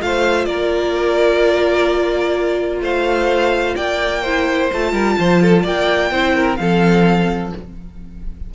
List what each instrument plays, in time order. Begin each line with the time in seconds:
0.00 cello A3, viola F4, violin C5 F5
0.45 cello A#3, violin A#4 D5
2.80 cello A3, violin C5 F5
3.75 cello A#3, violin D5 G5
4.21 viola E4, violin C5
4.72 cello A3, viola F4, violin A5
4.92 cello G3, violin A#4
5.18 cello F3, violin C5
5.42 violin A4
5.62 cello A#3, violin D5 G5
6.11 cello C4, viola E4, violin C5
6.35 violin A#4
6.56 cello F3, viola C4, violin A4 F5